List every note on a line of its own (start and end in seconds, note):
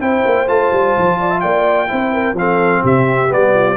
0.00 0.24 C4
0.00 0.47 E4
0.00 1.20 C5
0.00 0.48 G5
0.25 0.48 A#3
0.47 0.71 A3
0.47 1.88 F4
0.47 1.40 A5
0.72 0.96 G3
0.98 1.43 F3
1.20 1.30 D5
1.30 1.42 E5
1.40 1.91 A#3
1.40 1.90 D5
1.40 2.35 G5
1.88 2.33 C4
1.88 2.35 E4
1.88 2.13 C5
2.13 2.36 A#4
2.33 2.81 F3
2.33 3.28 C4
2.33 2.82 A4
2.33 2.85 F5
2.82 3.31 C3
2.82 3.53 G4
2.82 3.33 E5
3.28 3.76 G3
3.28 3.76 B3
3.28 3.76 D5
3.54 3.76 F4